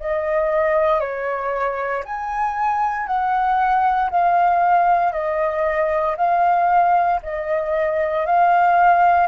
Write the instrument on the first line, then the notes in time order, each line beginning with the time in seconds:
flute
0.00 D#5
1.00 C#5
2.05 G#5
3.07 F#5
4.11 F5
5.12 D#5
6.16 F5
7.23 D#5
8.26 F5